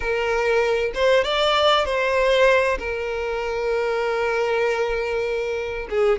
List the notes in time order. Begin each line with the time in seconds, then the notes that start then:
0.00 A#4
0.94 C5
1.24 D5
1.85 C5
2.78 A#4
5.89 G#4